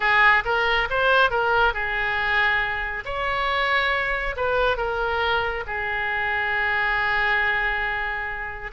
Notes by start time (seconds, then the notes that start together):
0.00 G#4
0.44 A#4
0.90 C5
1.30 A#4
1.73 G#4
3.05 C#5
4.36 B4
4.77 A#4
5.67 G#4